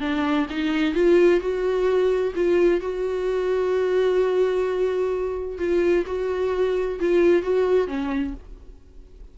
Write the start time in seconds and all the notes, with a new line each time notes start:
0.00 D4
0.49 D#4
0.94 F4
1.40 F#4
2.35 F4
2.80 F#4
5.58 F4
6.06 F#4
7.00 F4
7.42 F#4
7.87 C#4